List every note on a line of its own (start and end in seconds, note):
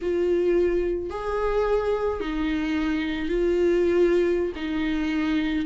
0.01 1.10 F4
1.10 2.20 G#4
2.20 3.28 D#4
3.28 4.52 F4
4.55 5.65 D#4